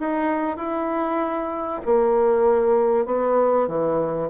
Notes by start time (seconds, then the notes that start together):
0.00 D#4
0.57 E4
1.86 A#3
3.06 B3
3.68 E3